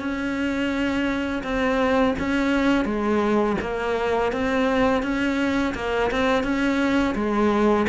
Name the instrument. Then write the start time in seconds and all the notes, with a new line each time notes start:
cello
0.00 C#4
1.44 C4
2.19 C#4
2.85 G#3
3.61 A#3
4.32 C4
5.03 C#4
5.75 A#3
6.11 C4
6.44 C#4
7.15 G#3